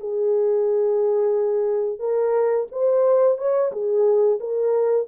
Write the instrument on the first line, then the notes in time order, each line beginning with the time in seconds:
horn
0.00 G#4
1.99 A#4
2.72 C5
3.38 C#5
3.72 G#4
4.40 A#4